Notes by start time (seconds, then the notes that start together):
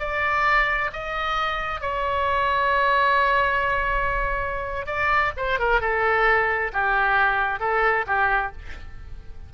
0.00 D5
0.93 D#5
1.81 C#5
4.87 D5
5.37 C5
5.60 A#4
5.81 A4
6.73 G4
7.60 A4
8.07 G4